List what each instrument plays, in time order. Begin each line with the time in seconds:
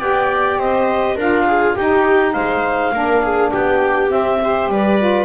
0.00 double bass B3, saxophone G4, viola D5, clarinet G5
0.58 double bass C4, viola C5, clarinet D#5
1.16 double bass D4, saxophone F4, viola A#4, clarinet F5
1.47 viola G#4
1.75 double bass D#4, saxophone D#4, viola G4, clarinet G5
2.33 double bass G#3, viola C5, clarinet F5
2.93 double bass A#3, saxophone D4, viola A#4
3.23 viola G#4
3.51 double bass B3, viola G4, clarinet G5
4.09 saxophone C4, double bass C4, clarinet E5
4.42 saxophone G4, viola C5
4.68 double bass G3, viola B4, clarinet D5
4.99 saxophone F4